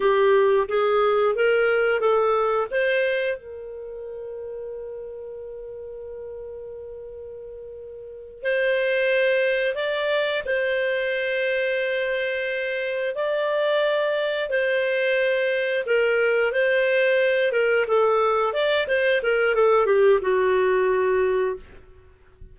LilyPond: \new Staff \with { instrumentName = "clarinet" } { \time 4/4 \tempo 4 = 89 g'4 gis'4 ais'4 a'4 | c''4 ais'2.~ | ais'1~ | ais'8 c''2 d''4 c''8~ |
c''2.~ c''8 d''8~ | d''4. c''2 ais'8~ | ais'8 c''4. ais'8 a'4 d''8 | c''8 ais'8 a'8 g'8 fis'2 | }